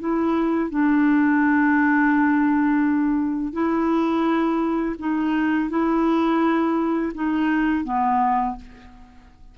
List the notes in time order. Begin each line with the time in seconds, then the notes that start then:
0.00 E4
0.70 D4
3.53 E4
4.99 D#4
5.70 E4
7.15 D#4
7.85 B3